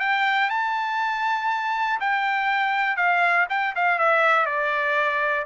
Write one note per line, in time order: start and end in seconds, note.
0.00 0.50 G5
0.50 2.00 A5
2.00 2.97 G5
2.97 3.47 F5
3.50 3.75 G5
3.76 3.99 F5
3.99 4.46 E5
4.46 5.46 D5